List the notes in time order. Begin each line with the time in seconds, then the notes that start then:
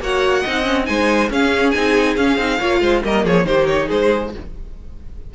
0.00 A#3 F#4 C#5 F#5
0.41 C4 D#4 D#5
0.63 C#4
0.84 G#3 D#4 C5 G#5
1.30 C#4 G#4 F5
1.71 C4 D#4 G#5
2.17 C#4 F5
2.38 C4 D#4
2.59 A#3 F4 C#5
2.80 G#3 C5
3.03 G3 A#3 A#4 D#5
3.24 F3 G#4 C#5
3.45 D#3 D#4 G4 C5
3.67 C#5
3.87 G#3 G#4 C5